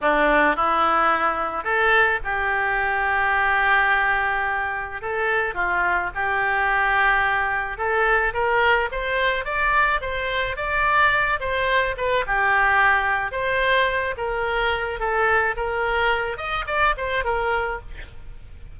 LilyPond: \new Staff \with { instrumentName = "oboe" } { \time 4/4 \tempo 4 = 108 d'4 e'2 a'4 | g'1~ | g'4 a'4 f'4 g'4~ | g'2 a'4 ais'4 |
c''4 d''4 c''4 d''4~ | d''8 c''4 b'8 g'2 | c''4. ais'4. a'4 | ais'4. dis''8 d''8 c''8 ais'4 | }